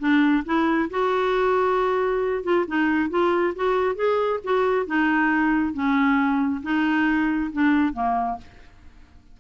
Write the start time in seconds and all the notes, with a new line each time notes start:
0.00 D4
0.46 E4
0.91 F#4
2.44 F4
2.68 D#4
3.10 F4
3.56 F#4
3.96 G#4
4.44 F#4
4.87 D#4
5.74 C#4
6.63 D#4
7.53 D4
7.94 A#3